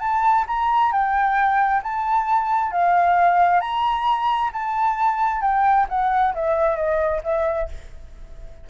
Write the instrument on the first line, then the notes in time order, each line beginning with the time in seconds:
flute
0.00 A5
0.48 A#5
0.92 G5
1.83 A5
2.72 F5
3.61 A#5
4.53 A5
5.42 G5
5.89 F#5
6.35 E5
6.76 D#5
7.24 E5